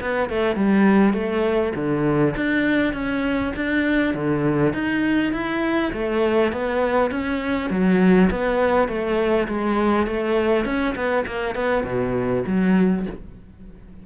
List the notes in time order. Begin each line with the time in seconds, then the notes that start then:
0.00 B3
0.29 A3
0.55 G3
1.13 A3
1.75 D3
2.36 D4
2.93 C#4
3.56 D4
4.14 D3
4.73 D#4
5.32 E4
5.93 A3
6.52 B3
7.10 C#4
7.70 F#3
8.30 B3
8.88 A3
9.48 G#3
10.06 A3
10.65 C#4
10.95 B3
11.26 A#3
11.55 B3
11.84 B2
12.46 F#3